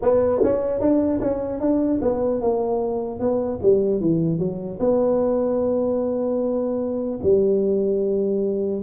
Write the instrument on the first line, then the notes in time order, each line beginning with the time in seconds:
tuba
0.02 B3
0.43 C#4
0.80 D4
1.20 C#4
1.60 D4
2.01 B3
2.41 A#3
3.19 B3
3.62 G3
4.00 E3
4.39 F#3
4.79 B3
7.22 G3